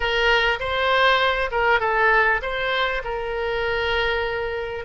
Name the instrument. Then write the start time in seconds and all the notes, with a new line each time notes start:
oboe
0.00 A#4
0.59 C5
1.51 A#4
1.80 A4
2.41 C5
3.04 A#4